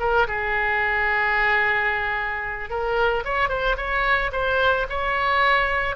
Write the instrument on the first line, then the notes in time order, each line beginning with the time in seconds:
oboe
0.00 A#4
0.28 G#4
2.70 A#4
3.25 C#5
3.49 C5
3.77 C#5
4.33 C5
4.89 C#5